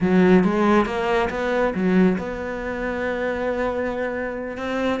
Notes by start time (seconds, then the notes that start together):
0.00 F#3
0.44 G#3
0.85 A#3
1.30 B3
1.74 F#3
2.18 B3
4.57 C4